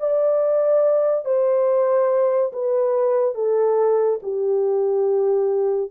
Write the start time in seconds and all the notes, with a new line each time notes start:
0.00 D5
1.25 C5
2.53 B4
3.35 A4
4.23 G4